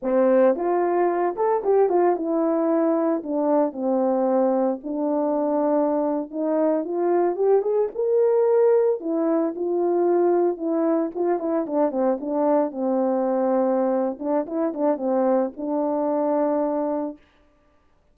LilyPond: \new Staff \with { instrumentName = "horn" } { \time 4/4 \tempo 4 = 112 c'4 f'4. a'8 g'8 f'8 | e'2 d'4 c'4~ | c'4 d'2~ d'8. dis'16~ | dis'8. f'4 g'8 gis'8 ais'4~ ais'16~ |
ais'8. e'4 f'2 e'16~ | e'8. f'8 e'8 d'8 c'8 d'4 c'16~ | c'2~ c'8 d'8 e'8 d'8 | c'4 d'2. | }